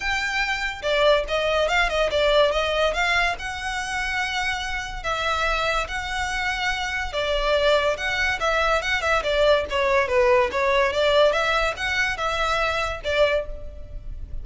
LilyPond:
\new Staff \with { instrumentName = "violin" } { \time 4/4 \tempo 4 = 143 g''2 d''4 dis''4 | f''8 dis''8 d''4 dis''4 f''4 | fis''1 | e''2 fis''2~ |
fis''4 d''2 fis''4 | e''4 fis''8 e''8 d''4 cis''4 | b'4 cis''4 d''4 e''4 | fis''4 e''2 d''4 | }